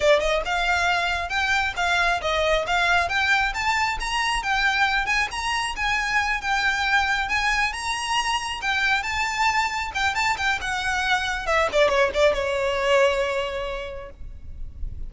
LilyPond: \new Staff \with { instrumentName = "violin" } { \time 4/4 \tempo 4 = 136 d''8 dis''8 f''2 g''4 | f''4 dis''4 f''4 g''4 | a''4 ais''4 g''4. gis''8 | ais''4 gis''4. g''4.~ |
g''8 gis''4 ais''2 g''8~ | g''8 a''2 g''8 a''8 g''8 | fis''2 e''8 d''8 cis''8 d''8 | cis''1 | }